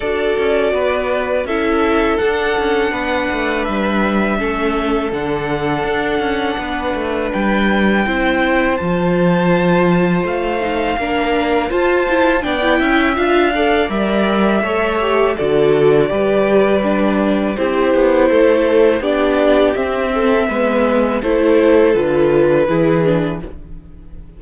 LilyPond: <<
  \new Staff \with { instrumentName = "violin" } { \time 4/4 \tempo 4 = 82 d''2 e''4 fis''4~ | fis''4 e''2 fis''4~ | fis''2 g''2 | a''2 f''2 |
a''4 g''4 f''4 e''4~ | e''4 d''2. | c''2 d''4 e''4~ | e''4 c''4 b'2 | }
  \new Staff \with { instrumentName = "violin" } { \time 4/4 a'4 b'4 a'2 | b'2 a'2~ | a'4 b'2 c''4~ | c''2. ais'4 |
c''4 d''8 e''4 d''4. | cis''4 a'4 b'2 | g'4 a'4 g'4. a'8 | b'4 a'2 gis'4 | }
  \new Staff \with { instrumentName = "viola" } { \time 4/4 fis'2 e'4 d'4~ | d'2 cis'4 d'4~ | d'2. e'4 | f'2~ f'8 dis'8 d'4 |
f'8 e'8 d'16 e'8. f'8 a'8 ais'4 | a'8 g'8 fis'4 g'4 d'4 | e'2 d'4 c'4 | b4 e'4 f'4 e'8 d'8 | }
  \new Staff \with { instrumentName = "cello" } { \time 4/4 d'8 cis'8 b4 cis'4 d'8 cis'8 | b8 a8 g4 a4 d4 | d'8 cis'8 b8 a8 g4 c'4 | f2 a4 ais4 |
f'4 b8 cis'8 d'4 g4 | a4 d4 g2 | c'8 b8 a4 b4 c'4 | gis4 a4 d4 e4 | }
>>